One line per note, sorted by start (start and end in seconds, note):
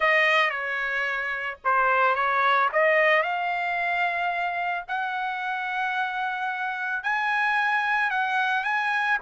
0.00 0.50 D#5
0.50 1.58 C#5
1.64 2.15 C5
2.15 2.69 C#5
2.72 3.22 D#5
3.22 4.85 F5
4.88 7.03 F#5
7.03 8.10 G#5
8.10 8.64 F#5
8.64 9.18 G#5